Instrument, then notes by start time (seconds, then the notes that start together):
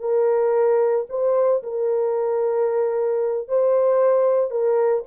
horn
0.00 A#4
1.10 C5
1.63 A#4
3.48 C5
4.51 A#4